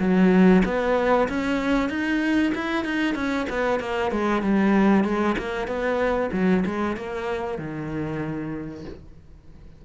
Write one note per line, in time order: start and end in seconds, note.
0.00 0.63 F#3
0.65 1.29 B3
1.29 1.90 C#4
1.90 2.53 D#4
2.55 2.85 E4
2.85 3.15 D#4
3.15 3.47 C#4
3.50 3.80 B3
3.80 4.12 A#3
4.12 4.43 G#3
4.43 5.04 G3
5.04 5.36 G#3
5.39 5.68 A#3
5.68 6.31 B3
6.33 6.64 F#3
6.65 6.97 G#3
6.97 7.59 A#3
7.59 8.85 D#3